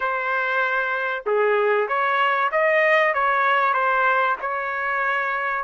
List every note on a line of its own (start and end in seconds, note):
0.00 1.24 C5
1.26 1.88 G#4
1.88 2.50 C#5
2.51 3.14 D#5
3.14 3.73 C#5
3.73 4.36 C5
4.41 5.64 C#5